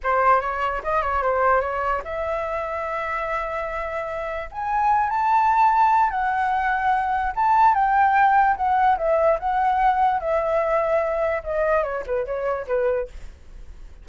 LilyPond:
\new Staff \with { instrumentName = "flute" } { \time 4/4 \tempo 4 = 147 c''4 cis''4 dis''8 cis''8 c''4 | cis''4 e''2.~ | e''2. gis''4~ | gis''8 a''2~ a''8 fis''4~ |
fis''2 a''4 g''4~ | g''4 fis''4 e''4 fis''4~ | fis''4 e''2. | dis''4 cis''8 b'8 cis''4 b'4 | }